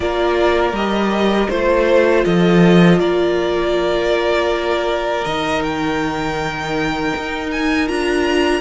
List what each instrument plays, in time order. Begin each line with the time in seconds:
0.00 cello A#3, viola F4, violin A#4 D5
0.72 cello G3, viola G4, violin D#5
1.49 cello A3, viola F4, violin C5
2.24 cello F3, violin A4 D#5
2.99 cello A#3, violin A#4 D5
5.24 cello D#3, viola D#4, violin D#5
5.62 violin G5
7.16 cello D#4
7.51 violin G#5
7.87 cello D4, viola F4, violin A#5